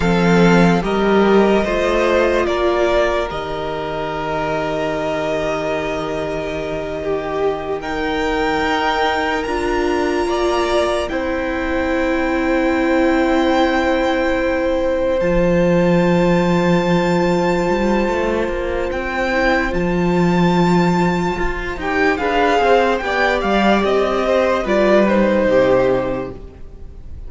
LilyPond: <<
  \new Staff \with { instrumentName = "violin" } { \time 4/4 \tempo 4 = 73 f''4 dis''2 d''4 | dis''1~ | dis''4. g''2 ais''8~ | ais''4. g''2~ g''8~ |
g''2~ g''8 a''4.~ | a''2. g''4 | a''2~ a''8 g''8 f''4 | g''8 f''8 dis''4 d''8 c''4. | }
  \new Staff \with { instrumentName = "violin" } { \time 4/4 a'4 ais'4 c''4 ais'4~ | ais'1~ | ais'8 g'4 ais'2~ ais'8~ | ais'8 d''4 c''2~ c''8~ |
c''1~ | c''1~ | c''2. b'8 c''8 | d''4. c''8 b'4 g'4 | }
  \new Staff \with { instrumentName = "viola" } { \time 4/4 c'4 g'4 f'2 | g'1~ | g'4. dis'2 f'8~ | f'4. e'2~ e'8~ |
e'2~ e'8 f'4.~ | f'2.~ f'8 e'8 | f'2~ f'8 g'8 gis'4 | g'2 f'8 dis'4. | }
  \new Staff \with { instrumentName = "cello" } { \time 4/4 f4 g4 a4 ais4 | dis1~ | dis2~ dis8 dis'4 d'8~ | d'8 ais4 c'2~ c'8~ |
c'2~ c'8 f4.~ | f4. g8 a8 ais8 c'4 | f2 f'8 dis'8 d'8 c'8 | b8 g8 c'4 g4 c4 | }
>>